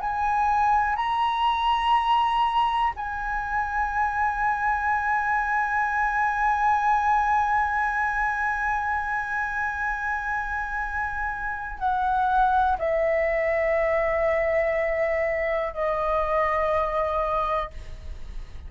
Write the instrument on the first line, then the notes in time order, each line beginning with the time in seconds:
flute
0.00 G#5
0.96 A#5
2.96 G#5
11.79 F#5
12.78 E5
15.73 D#5